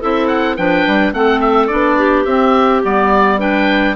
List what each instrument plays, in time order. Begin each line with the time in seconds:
0.00 bassoon C4, clarinet E4 A4, oboe E5
0.28 oboe F#5
0.57 bassoon F3, clarinet D4 B4, oboe G5
0.87 bassoon G3
1.13 bassoon A3, clarinet C4 A4, oboe F#5
1.40 oboe E5
1.67 bassoon B3, clarinet D4, oboe D5
1.98 clarinet G4
2.25 bassoon C4, clarinet C4, oboe E5
2.84 bassoon G3, clarinet B3, oboe D5
3.38 clarinet D4 B4, oboe G5